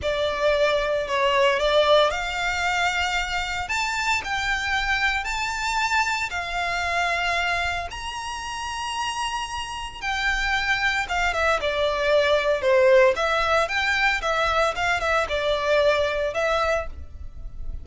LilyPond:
\new Staff \with { instrumentName = "violin" } { \time 4/4 \tempo 4 = 114 d''2 cis''4 d''4 | f''2. a''4 | g''2 a''2 | f''2. ais''4~ |
ais''2. g''4~ | g''4 f''8 e''8 d''2 | c''4 e''4 g''4 e''4 | f''8 e''8 d''2 e''4 | }